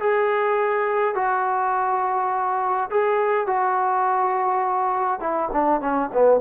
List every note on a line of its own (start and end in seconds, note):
0.00 1.15 G#4
1.15 2.90 F#4
2.90 3.47 G#4
3.47 5.20 F#4
5.20 5.49 E4
5.53 5.81 D4
5.81 6.10 C#4
6.14 6.41 B3